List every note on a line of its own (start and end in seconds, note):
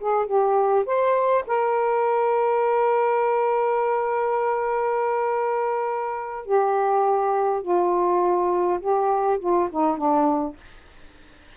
0.00 0.26 G#4
0.26 0.85 G4
0.85 1.44 C5
1.47 6.45 A#4
6.45 7.62 G4
7.62 8.79 F4
8.80 9.39 G4
9.39 9.69 F4
9.71 9.97 D#4
9.97 10.56 D4